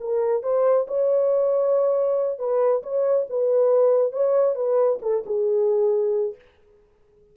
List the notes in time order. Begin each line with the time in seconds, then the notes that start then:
0.00 A#4
0.43 C5
0.88 C#5
2.39 B4
2.83 C#5
3.30 B4
4.12 C#5
4.55 B4
5.02 A4
5.26 G#4